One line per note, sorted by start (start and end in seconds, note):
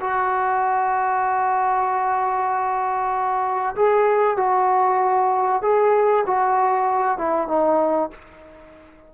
0.00 3.75 F#4
3.75 4.37 G#4
4.37 5.62 F#4
5.62 6.24 G#4
6.26 7.18 F#4
7.18 7.48 E4
7.48 8.10 D#4